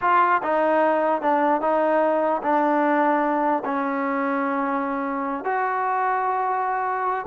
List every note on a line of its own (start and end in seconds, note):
0.01 0.41 F4
0.42 1.21 D#4
1.21 1.61 D4
1.61 2.41 D#4
2.42 3.63 D4
3.64 5.44 C#4
5.44 7.25 F#4